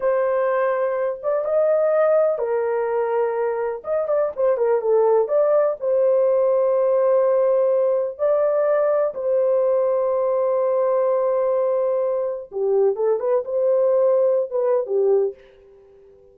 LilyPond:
\new Staff \with { instrumentName = "horn" } { \time 4/4 \tempo 4 = 125 c''2~ c''8 d''8 dis''4~ | dis''4 ais'2. | dis''8 d''8 c''8 ais'8 a'4 d''4 | c''1~ |
c''4 d''2 c''4~ | c''1~ | c''2 g'4 a'8 b'8 | c''2~ c''16 b'8. g'4 | }